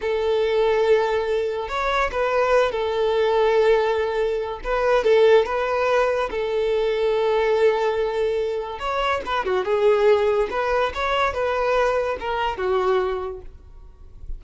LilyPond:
\new Staff \with { instrumentName = "violin" } { \time 4/4 \tempo 4 = 143 a'1 | cis''4 b'4. a'4.~ | a'2. b'4 | a'4 b'2 a'4~ |
a'1~ | a'4 cis''4 b'8 fis'8 gis'4~ | gis'4 b'4 cis''4 b'4~ | b'4 ais'4 fis'2 | }